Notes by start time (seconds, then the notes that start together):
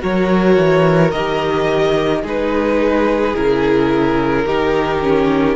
0.00 F#3 F#4 A#4 C#5
0.57 E3
1.12 D#3 G4 D#5
2.22 G#3 D#4 G#4 B4
3.35 C#3 E4 A#4
4.46 D#3 D#4 G4
5.02 C#4